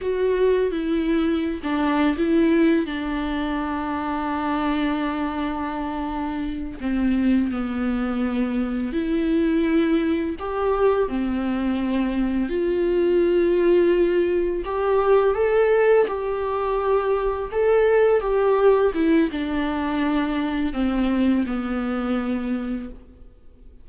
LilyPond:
\new Staff \with { instrumentName = "viola" } { \time 4/4 \tempo 4 = 84 fis'4 e'4~ e'16 d'8. e'4 | d'1~ | d'4. c'4 b4.~ | b8 e'2 g'4 c'8~ |
c'4. f'2~ f'8~ | f'8 g'4 a'4 g'4.~ | g'8 a'4 g'4 e'8 d'4~ | d'4 c'4 b2 | }